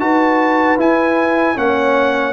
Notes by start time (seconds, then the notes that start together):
0.00 D#4 F#4 B4 A5
0.78 E4 G#5
1.55 A#3 C#4 C#5 F#5